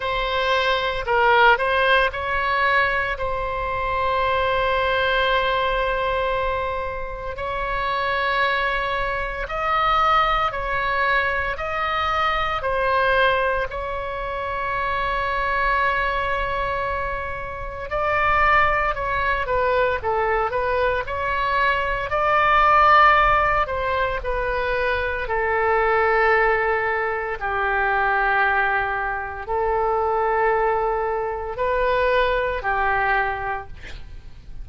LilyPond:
\new Staff \with { instrumentName = "oboe" } { \time 4/4 \tempo 4 = 57 c''4 ais'8 c''8 cis''4 c''4~ | c''2. cis''4~ | cis''4 dis''4 cis''4 dis''4 | c''4 cis''2.~ |
cis''4 d''4 cis''8 b'8 a'8 b'8 | cis''4 d''4. c''8 b'4 | a'2 g'2 | a'2 b'4 g'4 | }